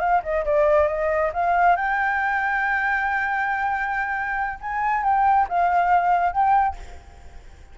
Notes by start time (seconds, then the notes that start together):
0.00 F5
0.23 D#5
0.45 D5
0.88 D#5
1.33 F5
1.76 G5
4.61 G#5
5.03 G5
5.48 F5
6.32 G5